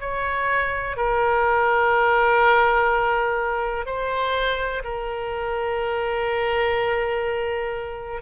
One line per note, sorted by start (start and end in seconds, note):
0.00 0.97 C#5
0.97 3.86 A#4
3.86 4.83 C5
4.84 8.22 A#4